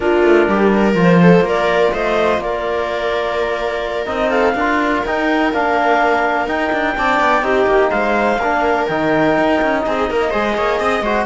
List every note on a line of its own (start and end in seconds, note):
0.00 0.23 A#3
0.00 0.95 D4
0.00 0.49 F4
0.00 0.95 A#4
0.23 0.47 A3
0.47 0.95 G3
0.47 0.73 G4
0.75 1.22 A#4
0.95 1.40 F3
0.95 4.06 F4
1.01 1.48 C5
1.22 1.45 A4
1.40 1.88 A#3
1.40 1.93 A#4
1.48 1.93 D5
1.93 2.38 A3
1.93 2.41 C5
1.93 2.41 D#5
2.38 4.05 A#3
2.38 4.29 A#4
2.38 4.05 D5
4.05 4.54 C4
4.05 4.54 D#4
4.05 4.29 D#5
4.29 4.54 A4
4.29 5.01 F5
4.54 5.03 D4
4.54 5.06 F4
4.54 6.96 A#4
5.05 5.53 D#4
5.05 5.53 G5
5.53 6.46 A#3
5.53 6.48 D4
5.53 6.48 F5
6.46 6.70 D#4
6.46 6.95 D#4
6.46 7.90 G5
6.72 6.96 D4
6.95 7.20 C4
6.95 7.42 D4
6.95 7.44 D5
7.20 7.42 B3
7.42 7.66 C4
7.42 8.38 D#4
7.42 7.90 G4
7.67 7.91 A#3
7.90 8.38 G#3
7.90 8.38 C5
7.90 8.86 F5
8.38 8.86 A#3
8.38 8.89 D4
8.38 9.82 A#4
8.87 9.37 D#3
8.87 10.31 D#4
8.87 9.80 G5
9.37 9.61 D#4
9.61 9.85 C#4
9.80 10.10 C4
9.80 10.09 G#4
9.80 11.24 D#5
10.10 10.34 A#3
10.10 10.29 A#4
10.29 10.57 G#3
10.29 11.03 G#4
10.29 10.54 C5
10.56 10.80 A#3
10.56 10.80 C#5
10.80 11.01 C4
10.80 11.03 D#5
11.01 11.25 G#3
11.01 11.26 F#4
11.01 11.26 C5